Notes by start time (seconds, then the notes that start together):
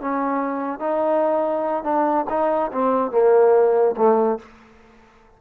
0.00 C#4
0.79 D#4
1.83 D4
2.29 D#4
2.72 C4
3.11 A#3
3.96 A3